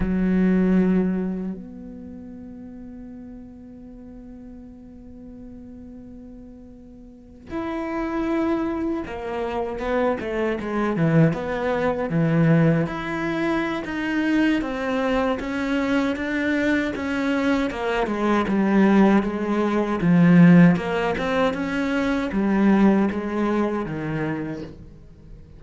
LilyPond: \new Staff \with { instrumentName = "cello" } { \time 4/4 \tempo 4 = 78 fis2 b2~ | b1~ | b4.~ b16 e'2 ais16~ | ais8. b8 a8 gis8 e8 b4 e16~ |
e8. e'4~ e'16 dis'4 c'4 | cis'4 d'4 cis'4 ais8 gis8 | g4 gis4 f4 ais8 c'8 | cis'4 g4 gis4 dis4 | }